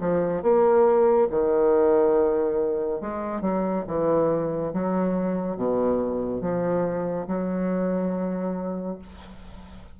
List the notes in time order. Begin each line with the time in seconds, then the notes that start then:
0.00 F3
0.42 A#3
1.30 D#3
3.01 G#3
3.41 F#3
3.87 E3
4.73 F#3
5.56 B2
6.41 F3
7.27 F#3